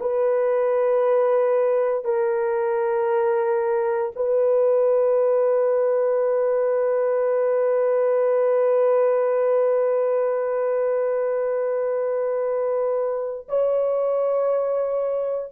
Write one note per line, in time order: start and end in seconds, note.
0.00 2.05 B4
2.05 4.11 A#4
4.16 13.47 B4
13.49 15.52 C#5